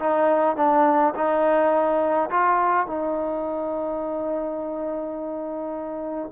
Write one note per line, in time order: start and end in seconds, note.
0.00 0.57 D#4
0.57 1.15 D4
1.15 2.30 D#4
2.31 2.87 F4
2.87 6.32 D#4